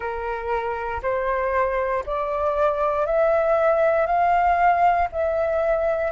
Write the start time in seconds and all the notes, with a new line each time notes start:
0.00 A#4
1.02 C5
2.06 D5
3.06 E5
4.06 F5
5.11 E5